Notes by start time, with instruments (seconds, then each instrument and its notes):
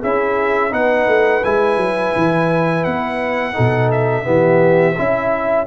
0.00 tuba C#4, trombone E4, horn G#4, trumpet E5
0.70 tuba B3, trombone D#4, horn B4, trumpet F#5
1.07 tuba A3
1.44 tuba G#3, trombone E4, trumpet G#5
1.77 tuba F#3
2.16 tuba E3
2.84 tuba B3, trumpet F#5
3.53 tuba B2, trombone D#4, horn A4
3.91 trumpet E5
4.24 tuba E3, trombone B3, horn G4
4.98 tuba C#4, trombone E4, horn E5